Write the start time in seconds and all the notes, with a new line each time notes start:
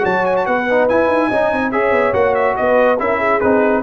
0.00 F#3 F#4 C#5 A5
0.25 G#5
0.37 A5
0.46 B3 B4 F#5
0.71 D#4
0.89 E4 G#5
1.09 D#4
1.28 C#4 D#4 D#5
1.53 C4
1.71 C#4 G#4 C#5 E5
1.92 B3
2.13 A#3 F#4 F#5
2.35 E5
2.57 B3 B4 D#5
2.99 C#4 E4 A#4 E5
3.19 G#4
3.40 C4 D#4 B4